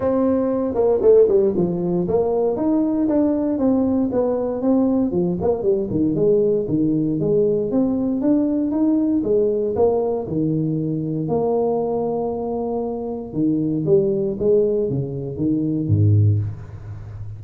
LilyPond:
\new Staff \with { instrumentName = "tuba" } { \time 4/4 \tempo 4 = 117 c'4. ais8 a8 g8 f4 | ais4 dis'4 d'4 c'4 | b4 c'4 f8 ais8 g8 dis8 | gis4 dis4 gis4 c'4 |
d'4 dis'4 gis4 ais4 | dis2 ais2~ | ais2 dis4 g4 | gis4 cis4 dis4 gis,4 | }